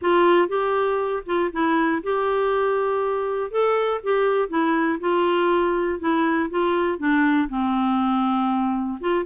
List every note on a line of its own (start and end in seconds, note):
0.01 0.48 F4
0.48 1.23 G4
1.26 1.51 F4
1.52 2.02 E4
2.03 3.50 G4
3.50 4.00 A4
4.03 4.48 G4
4.48 4.98 E4
5.00 5.99 F4
5.99 6.49 E4
6.50 6.98 F4
6.98 7.48 D4
7.48 8.98 C4
9.00 9.25 F4